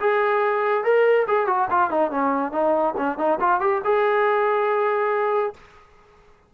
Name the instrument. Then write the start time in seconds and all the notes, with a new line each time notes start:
trombone
0.00 G#4
0.84 A#4
1.27 G#4
1.47 F#4
1.70 F4
1.90 D#4
2.11 C#4
2.52 D#4
2.97 C#4
3.18 D#4
3.40 F4
3.60 G4
3.85 G#4